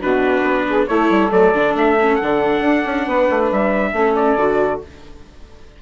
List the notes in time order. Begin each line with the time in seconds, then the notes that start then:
0.00 B2 D4 F#4 B4
0.42 B3
0.68 G#4
0.87 A3 E4 A4 C#5
1.10 G3
1.30 F#3 A3 D5
1.54 D3 D4
1.74 A3 E5
2.00 C#4
2.15 F#5
2.22 D3 D4
2.60 D4
2.85 C#4
3.05 B3 B4
3.30 A3
3.51 G3 E5
3.92 A3 C#4 A4
4.15 D5
4.36 D3 F#4